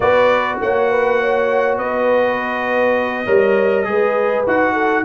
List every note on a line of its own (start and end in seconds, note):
0.00 0.58 B3
0.00 3.26 F#4
0.00 0.60 B4
0.00 0.58 D5
0.61 1.77 A#3
0.61 0.90 C#5
0.61 1.78 F#5
0.90 1.20 B4
1.20 1.77 C#5
1.77 3.26 B3
1.77 3.24 B4
1.77 4.45 D#5
3.24 3.86 G3
3.24 3.84 A#4
3.24 3.84 C#5
3.84 4.45 G#3
3.84 4.44 G#4
3.84 4.73 B4
4.46 5.04 D#4
4.46 5.04 F#4
4.46 5.04 F#5
4.73 5.02 A4